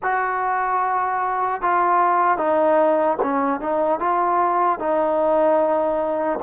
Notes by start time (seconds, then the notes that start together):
0.03 F#4
1.61 F4
2.37 D#4
3.22 C#4
3.60 D#4
3.99 F4
4.79 D#4